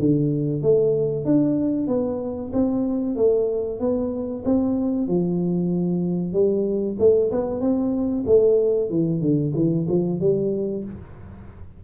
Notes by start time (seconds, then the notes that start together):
0.00 D3
0.63 A3
1.26 D4
1.88 B3
2.53 C4
3.17 A3
3.80 B3
4.46 C4
5.08 F3
6.33 G3
7.00 A3
7.32 B3
7.61 C4
8.27 A3
8.90 E3
9.22 D3
9.56 E3
9.89 F3
10.21 G3